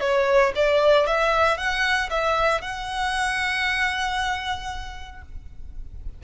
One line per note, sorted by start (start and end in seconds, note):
0.00 0.52 C#5
0.55 1.06 D5
1.06 1.57 E5
1.57 2.09 F#5
2.10 2.61 E5
2.61 5.22 F#5